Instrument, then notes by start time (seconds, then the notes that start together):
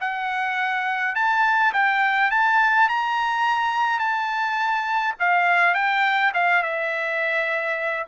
trumpet
0.00 F#5
1.15 A5
1.73 G5
2.31 A5
2.88 A#5
3.99 A5
5.19 F5
5.74 G5
6.34 F5
6.62 E5